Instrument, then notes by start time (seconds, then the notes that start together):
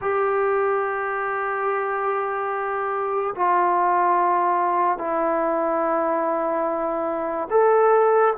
trombone
0.01 G4
3.35 F4
4.98 E4
7.50 A4